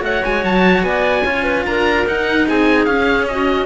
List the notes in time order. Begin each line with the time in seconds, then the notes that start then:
0.00 A3 F#4 C#5 F#5
0.24 G#3 G#5
0.44 F#3 A5
0.83 B3 D5 G#5
1.24 C#4 F4 C#5
1.44 B4
1.65 D4 A#4 A#5
2.06 D#4 F#5
2.47 C4 G#4 G#5
2.84 C#4 F5
3.27 F#4 D#5